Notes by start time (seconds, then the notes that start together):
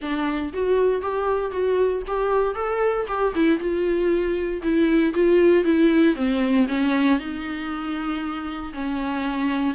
0.01 D4
0.53 F#4
1.01 G4
1.51 F#4
2.07 G4
2.55 A4
3.07 G4
3.35 E4
3.59 F4
4.62 E4
5.14 F4
5.64 E4
6.15 C4
6.68 C#4
7.19 D#4
8.73 C#4